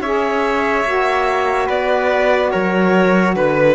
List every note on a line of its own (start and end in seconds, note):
0.00 0.83 C#4
0.00 0.85 G#4
0.00 1.66 C#5
0.00 1.68 E5
0.84 1.68 A#3
0.84 3.75 F#4
1.66 2.52 B3
1.66 2.50 B4
1.66 2.51 D5
2.51 3.35 F#3
2.51 3.35 A#4
2.51 3.35 C#5
3.35 3.75 D3
3.35 3.75 B4